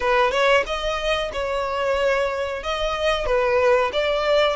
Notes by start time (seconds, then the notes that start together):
0.00 B4
0.31 C#5
0.66 D#5
1.33 C#5
2.63 D#5
3.25 B4
3.92 D5